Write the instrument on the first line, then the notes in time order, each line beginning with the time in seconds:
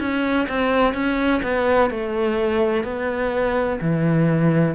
cello
0.00 C#4
0.48 C4
0.94 C#4
1.43 B3
1.90 A3
2.84 B3
3.81 E3